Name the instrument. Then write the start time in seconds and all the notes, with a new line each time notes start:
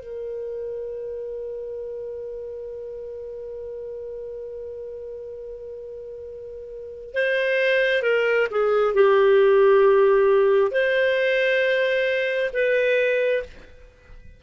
clarinet
0.00 A#4
7.14 C5
8.03 A#4
8.51 G#4
8.95 G4
10.72 C5
12.53 B4